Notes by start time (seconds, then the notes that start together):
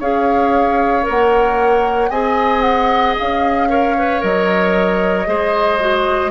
0.00 C#4 G#4 C#5 F5
1.03 A#3 A#4
1.10 F#5
2.10 C4 G#4 D#5 G#5
2.62 F#5
3.19 C#4 F5
3.69 A#4 C#5
3.98 B4
4.21 F#3 A#4 D#5
5.26 G#3 G#4 C5
5.80 F#4